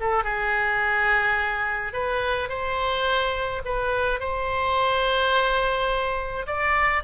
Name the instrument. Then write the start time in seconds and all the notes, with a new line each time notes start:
oboe
0.00 A4
0.24 G#4
1.93 B4
2.49 C5
3.65 B4
4.20 C5
6.47 D5